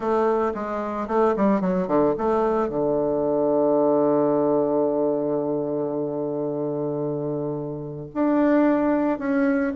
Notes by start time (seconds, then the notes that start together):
0.00 A3
0.54 G#3
1.07 A3
1.36 G3
1.60 F#3
1.87 D3
2.17 A3
2.69 D3
8.14 D4
9.18 C#4